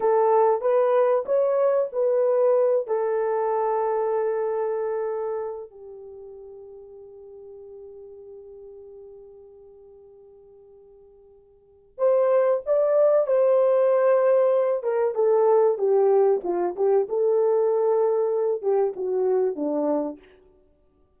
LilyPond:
\new Staff \with { instrumentName = "horn" } { \time 4/4 \tempo 4 = 95 a'4 b'4 cis''4 b'4~ | b'8 a'2.~ a'8~ | a'4 g'2.~ | g'1~ |
g'2. c''4 | d''4 c''2~ c''8 ais'8 | a'4 g'4 f'8 g'8 a'4~ | a'4. g'8 fis'4 d'4 | }